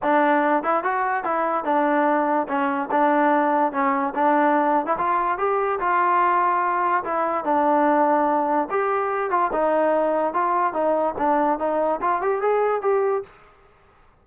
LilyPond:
\new Staff \with { instrumentName = "trombone" } { \time 4/4 \tempo 4 = 145 d'4. e'8 fis'4 e'4 | d'2 cis'4 d'4~ | d'4 cis'4 d'4.~ d'16 e'16 | f'4 g'4 f'2~ |
f'4 e'4 d'2~ | d'4 g'4. f'8 dis'4~ | dis'4 f'4 dis'4 d'4 | dis'4 f'8 g'8 gis'4 g'4 | }